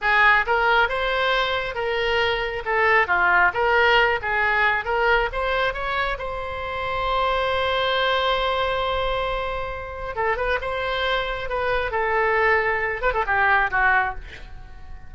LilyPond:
\new Staff \with { instrumentName = "oboe" } { \time 4/4 \tempo 4 = 136 gis'4 ais'4 c''2 | ais'2 a'4 f'4 | ais'4. gis'4. ais'4 | c''4 cis''4 c''2~ |
c''1~ | c''2. a'8 b'8 | c''2 b'4 a'4~ | a'4. b'16 a'16 g'4 fis'4 | }